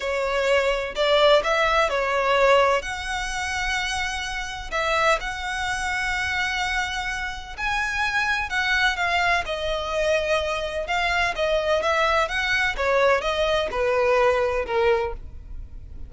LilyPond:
\new Staff \with { instrumentName = "violin" } { \time 4/4 \tempo 4 = 127 cis''2 d''4 e''4 | cis''2 fis''2~ | fis''2 e''4 fis''4~ | fis''1 |
gis''2 fis''4 f''4 | dis''2. f''4 | dis''4 e''4 fis''4 cis''4 | dis''4 b'2 ais'4 | }